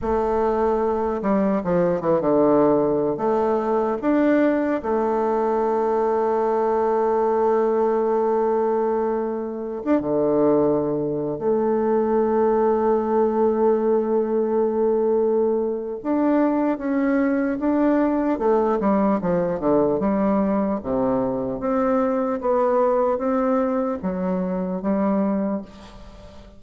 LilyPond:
\new Staff \with { instrumentName = "bassoon" } { \time 4/4 \tempo 4 = 75 a4. g8 f8 e16 d4~ d16 | a4 d'4 a2~ | a1~ | a16 d'16 d4.~ d16 a4.~ a16~ |
a1 | d'4 cis'4 d'4 a8 g8 | f8 d8 g4 c4 c'4 | b4 c'4 fis4 g4 | }